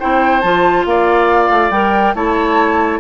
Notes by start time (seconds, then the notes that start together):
0.00 C4 E4 C5 G5
0.41 F3 F4 A5
0.86 A#3 D5 F5
1.50 A3
1.70 G3 A#4 G5
2.15 A3 E4 C#5 A5